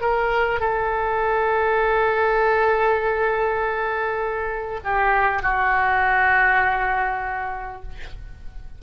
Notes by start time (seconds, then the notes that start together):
0.00 A#4
0.59 A4
4.84 G4
5.42 F#4